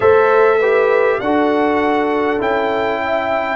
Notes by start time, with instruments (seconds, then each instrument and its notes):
0.00 tuba A3, trombone A4, horn C5, trumpet E5
0.58 trombone G4, horn B4
1.20 tuba D4, trombone F#4, horn A4, trumpet F#5
2.39 tuba C#4, trombone E4, trumpet G5
3.02 horn E5